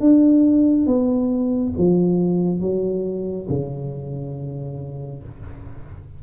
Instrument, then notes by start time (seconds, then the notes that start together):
tuba
0.00 D4
0.87 B3
1.77 F3
2.60 F#3
3.49 C#3